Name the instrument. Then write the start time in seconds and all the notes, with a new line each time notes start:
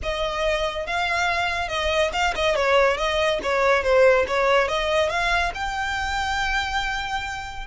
violin
0.02 D#5
0.86 F5
1.68 D#5
2.13 F5
2.35 D#5
2.55 C#5
2.97 D#5
3.43 C#5
3.83 C5
4.27 C#5
4.68 D#5
5.09 F5
5.54 G5